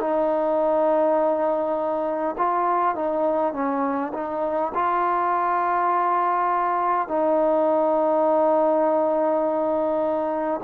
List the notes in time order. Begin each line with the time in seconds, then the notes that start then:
0.00 D#4
2.37 F4
2.95 D#4
3.53 C#4
4.13 D#4
4.74 F4
7.08 D#4